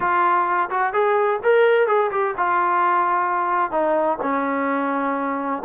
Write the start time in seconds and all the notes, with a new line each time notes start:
0.00 F4
0.69 F#4
0.93 G#4
1.43 A#4
1.87 G#4
2.11 G4
2.37 F4
3.71 D#4
4.22 C#4